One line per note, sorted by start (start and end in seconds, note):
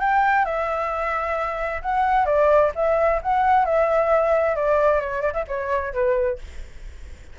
0.00 0.45 G5
0.45 1.82 E5
1.82 2.26 F#5
2.26 2.71 D5
2.75 3.21 E5
3.23 3.65 F#5
3.65 4.56 E5
4.56 5.01 D5
5.01 5.22 C#5
5.22 5.33 D5
5.33 5.45 E5
5.48 5.93 C#5
5.93 6.39 B4